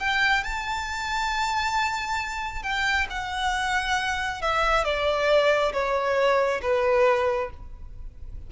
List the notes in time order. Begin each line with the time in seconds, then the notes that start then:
0.00 G5
0.44 A5
2.63 G5
3.10 F#5
4.42 E5
4.84 D5
5.73 C#5
6.62 B4